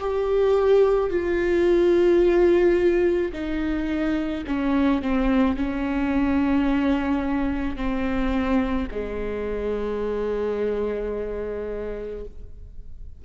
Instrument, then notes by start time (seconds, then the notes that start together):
viola
0.00 G4
1.10 F4
3.33 D#4
4.47 C#4
5.02 C4
5.57 C#4
7.77 C4
8.91 G#3